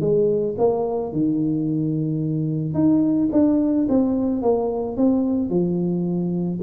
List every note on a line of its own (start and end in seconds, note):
0.00 0.55 G#3
0.58 1.12 A#3
1.12 2.74 D#3
2.74 3.29 D#4
3.32 3.87 D4
3.88 4.42 C4
4.42 4.96 A#3
4.96 5.49 C4
5.49 6.59 F3